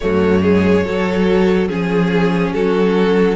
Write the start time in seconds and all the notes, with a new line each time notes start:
0.00 F#2 A3 F#4 C#5
0.42 G#3 G#4
0.84 F#3 A4
1.68 F3 C#4 G#4
2.53 F#3 F#4 A4